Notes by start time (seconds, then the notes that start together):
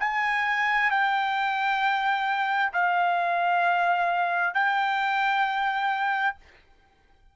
0.00 G#5
0.91 G5
2.73 F5
4.55 G5